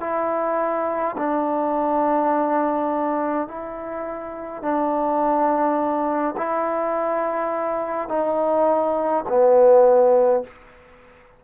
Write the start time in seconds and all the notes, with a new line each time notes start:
0.00 E4
1.17 D4
3.47 E4
4.62 D4
6.37 E4
8.09 D#4
9.28 B3